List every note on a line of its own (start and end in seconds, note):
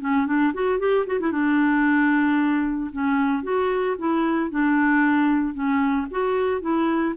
0.00 0.26 C#4
0.26 0.53 D4
0.54 0.79 F#4
0.79 1.05 G4
1.06 1.19 F#4
1.20 1.31 E4
1.31 2.91 D4
2.92 3.43 C#4
3.43 3.96 F#4
3.98 4.50 E4
4.50 5.54 D4
5.54 6.07 C#4
6.10 6.61 F#4
6.61 7.14 E4